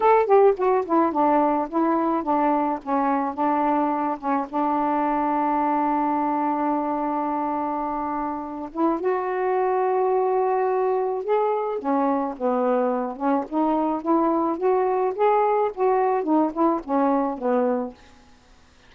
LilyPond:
\new Staff \with { instrumentName = "saxophone" } { \time 4/4 \tempo 4 = 107 a'8 g'8 fis'8 e'8 d'4 e'4 | d'4 cis'4 d'4. cis'8 | d'1~ | d'2.~ d'8 e'8 |
fis'1 | gis'4 cis'4 b4. cis'8 | dis'4 e'4 fis'4 gis'4 | fis'4 dis'8 e'8 cis'4 b4 | }